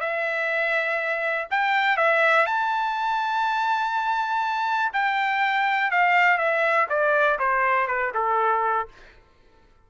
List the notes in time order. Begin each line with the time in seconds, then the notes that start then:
0.00 E5
1.50 G5
1.97 E5
2.46 A5
4.93 G5
5.91 F5
6.38 E5
6.89 D5
7.39 C5
7.87 B4
8.14 A4